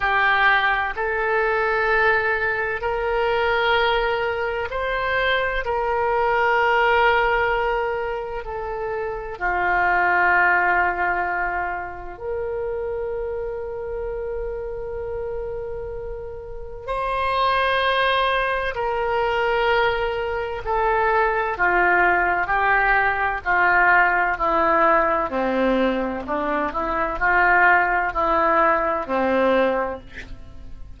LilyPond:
\new Staff \with { instrumentName = "oboe" } { \time 4/4 \tempo 4 = 64 g'4 a'2 ais'4~ | ais'4 c''4 ais'2~ | ais'4 a'4 f'2~ | f'4 ais'2.~ |
ais'2 c''2 | ais'2 a'4 f'4 | g'4 f'4 e'4 c'4 | d'8 e'8 f'4 e'4 c'4 | }